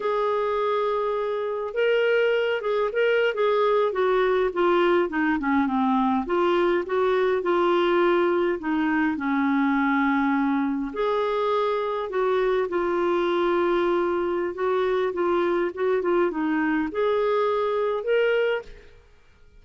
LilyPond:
\new Staff \with { instrumentName = "clarinet" } { \time 4/4 \tempo 4 = 103 gis'2. ais'4~ | ais'8 gis'8 ais'8. gis'4 fis'4 f'16~ | f'8. dis'8 cis'8 c'4 f'4 fis'16~ | fis'8. f'2 dis'4 cis'16~ |
cis'2~ cis'8. gis'4~ gis'16~ | gis'8. fis'4 f'2~ f'16~ | f'4 fis'4 f'4 fis'8 f'8 | dis'4 gis'2 ais'4 | }